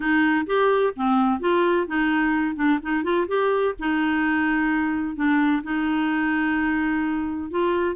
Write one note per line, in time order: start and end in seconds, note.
0.00 0.46 D#4
0.46 0.93 G4
0.95 1.40 C4
1.40 1.87 F4
1.87 2.55 D#4
2.55 2.79 D4
2.82 3.03 D#4
3.03 3.26 F4
3.27 3.74 G4
3.79 5.15 D#4
5.15 5.62 D4
5.63 7.50 D#4
7.50 7.95 F4